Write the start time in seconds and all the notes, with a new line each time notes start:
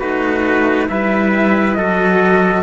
0.00 A3 D#4 F#4 B4
0.89 G3 E4 B4 E5
1.74 F#3 F#4 A4 D#5